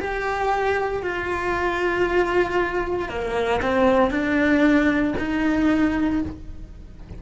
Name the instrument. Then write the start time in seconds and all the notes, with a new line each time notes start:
cello
0.00 G4
1.03 F4
3.10 A#3
3.63 C4
4.11 D4
5.19 D#4